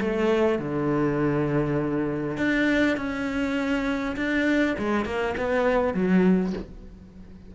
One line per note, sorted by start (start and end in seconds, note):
0.00 0.59 A3
0.59 2.37 D3
2.37 2.96 D4
2.97 4.16 C#4
4.16 4.76 D4
4.78 5.05 G#3
5.05 5.35 A#3
5.37 5.94 B3
5.94 6.53 F#3